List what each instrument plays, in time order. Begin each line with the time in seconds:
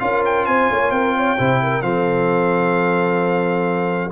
0.00 tuba C#4, trombone F4, horn A#4, trumpet F5
0.26 trumpet G5
0.46 tuba C4, horn C5, trumpet G#5
0.71 tuba A#3, horn C#5
0.91 tuba C4, horn A#4, trumpet G5
1.17 horn C#5
1.38 tuba C3, trombone E4, horn C5
1.63 horn A#4
1.82 tuba F3, trombone C4, horn A4, trumpet F5